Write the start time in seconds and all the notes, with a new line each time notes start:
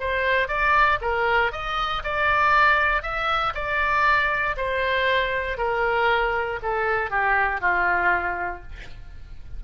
0.00 C5
0.48 D5
1.01 A#4
1.52 D#5
2.04 D5
3.02 E5
3.54 D5
4.57 C5
5.58 A#4
6.62 A4
7.10 G4
7.61 F4